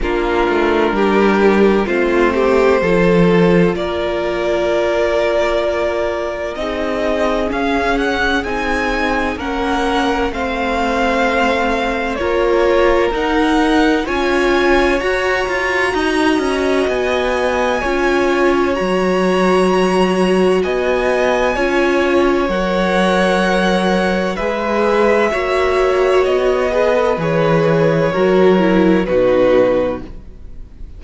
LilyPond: <<
  \new Staff \with { instrumentName = "violin" } { \time 4/4 \tempo 4 = 64 ais'2 c''2 | d''2. dis''4 | f''8 fis''8 gis''4 fis''4 f''4~ | f''4 cis''4 fis''4 gis''4 |
ais''2 gis''2 | ais''2 gis''2 | fis''2 e''2 | dis''4 cis''2 b'4 | }
  \new Staff \with { instrumentName = "violin" } { \time 4/4 f'4 g'4 f'8 g'8 a'4 | ais'2. gis'4~ | gis'2 ais'4 c''4~ | c''4 ais'2 cis''4~ |
cis''4 dis''2 cis''4~ | cis''2 dis''4 cis''4~ | cis''2 b'4 cis''4~ | cis''8 b'4. ais'4 fis'4 | }
  \new Staff \with { instrumentName = "viola" } { \time 4/4 d'2 c'4 f'4~ | f'2. dis'4 | cis'4 dis'4 cis'4 c'4~ | c'4 f'4 dis'4 f'4 |
fis'2. f'4 | fis'2. f'4 | ais'2 gis'4 fis'4~ | fis'8 gis'16 a'16 gis'4 fis'8 e'8 dis'4 | }
  \new Staff \with { instrumentName = "cello" } { \time 4/4 ais8 a8 g4 a4 f4 | ais2. c'4 | cis'4 c'4 ais4 a4~ | a4 ais4 dis'4 cis'4 |
fis'8 f'8 dis'8 cis'8 b4 cis'4 | fis2 b4 cis'4 | fis2 gis4 ais4 | b4 e4 fis4 b,4 | }
>>